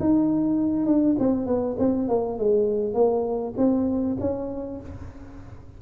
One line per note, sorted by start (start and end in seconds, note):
0.00 0.86 D#4
0.86 1.16 D4
1.19 1.46 C4
1.46 1.76 B3
1.79 2.08 C4
2.08 2.38 A#3
2.38 2.94 G#3
2.94 3.54 A#3
3.57 4.17 C4
4.21 4.81 C#4